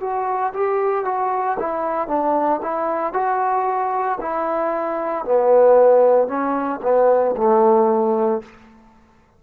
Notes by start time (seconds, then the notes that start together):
0.00 F#4
0.54 G4
1.05 F#4
1.59 E4
2.08 D4
2.62 E4
3.13 F#4
4.21 E4
5.25 B3
6.27 C#4
6.82 B3
7.37 A3